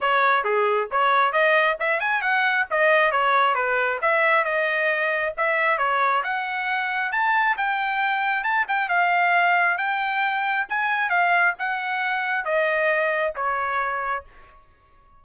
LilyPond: \new Staff \with { instrumentName = "trumpet" } { \time 4/4 \tempo 4 = 135 cis''4 gis'4 cis''4 dis''4 | e''8 gis''8 fis''4 dis''4 cis''4 | b'4 e''4 dis''2 | e''4 cis''4 fis''2 |
a''4 g''2 a''8 g''8 | f''2 g''2 | gis''4 f''4 fis''2 | dis''2 cis''2 | }